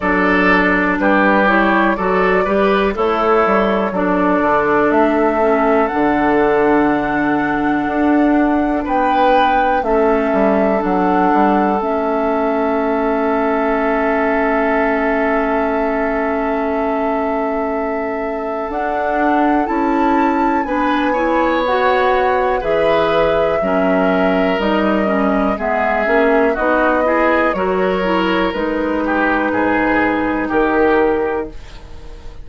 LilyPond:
<<
  \new Staff \with { instrumentName = "flute" } { \time 4/4 \tempo 4 = 61 d''4 b'8 cis''8 d''4 cis''4 | d''4 e''4 fis''2~ | fis''4 g''4 e''4 fis''4 | e''1~ |
e''2. fis''4 | a''4 gis''4 fis''4 e''4~ | e''4 dis''4 e''4 dis''4 | cis''4 b'2 ais'4 | }
  \new Staff \with { instrumentName = "oboe" } { \time 4/4 a'4 g'4 a'8 b'8 e'4 | a'1~ | a'4 b'4 a'2~ | a'1~ |
a'1~ | a'4 b'8 cis''4. b'4 | ais'2 gis'4 fis'8 gis'8 | ais'4. g'8 gis'4 g'4 | }
  \new Staff \with { instrumentName = "clarinet" } { \time 4/4 d'4. e'8 fis'8 g'8 a'4 | d'4. cis'8 d'2~ | d'2 cis'4 d'4 | cis'1~ |
cis'2. d'4 | e'4 d'8 e'8 fis'4 gis'4 | cis'4 dis'8 cis'8 b8 cis'8 dis'8 e'8 | fis'8 e'8 dis'2. | }
  \new Staff \with { instrumentName = "bassoon" } { \time 4/4 fis4 g4 fis8 g8 a8 g8 | fis8 d8 a4 d2 | d'4 b4 a8 g8 fis8 g8 | a1~ |
a2. d'4 | cis'4 b2 e4 | fis4 g4 gis8 ais8 b4 | fis4 gis4 gis,4 dis4 | }
>>